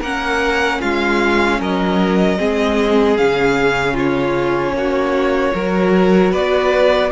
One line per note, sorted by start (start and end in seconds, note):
0.00 0.80 A#3
0.00 2.38 C#4
0.00 0.79 A#4
0.00 0.81 F#5
0.80 1.60 G#3
0.80 1.59 F4
0.80 1.60 F5
1.60 2.39 F#3
1.60 2.38 A#4
1.60 3.17 D#5
2.38 3.19 G#3
2.38 3.17 C4
2.38 3.94 G#4
3.17 4.73 C#3
3.17 5.55 C#4
3.17 3.96 F5
3.94 4.73 F4
3.94 6.34 C#5
4.73 5.52 A#3
4.73 5.54 F#4
5.54 6.33 F#3
5.54 7.12 F#4
5.54 6.32 A#4
6.32 7.12 B3
6.32 7.11 B4
6.32 7.12 D5